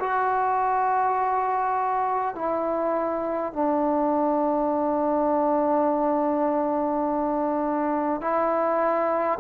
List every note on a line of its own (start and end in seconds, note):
0.00 2.35 F#4
2.35 3.53 E4
3.53 8.21 D4
8.21 9.39 E4